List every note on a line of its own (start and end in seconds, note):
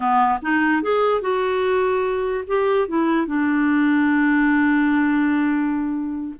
0.00 0.38 B3
0.42 0.82 D#4
0.82 1.21 G#4
1.21 2.44 F#4
2.47 2.88 G4
2.88 3.26 E4
3.26 6.35 D4